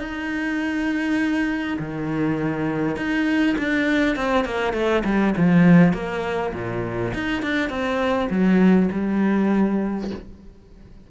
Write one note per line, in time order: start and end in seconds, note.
0.00 1.78 D#4
1.80 2.97 D#3
2.97 3.56 D#4
3.59 4.17 D4
4.17 4.46 C4
4.46 4.74 A#3
4.74 5.04 A3
5.05 5.35 G3
5.37 5.94 F3
5.94 6.53 A#3
6.54 7.14 A#2
7.14 7.43 D#4
7.43 7.70 D4
7.70 8.29 C4
8.30 8.90 F#3
8.92 10.11 G3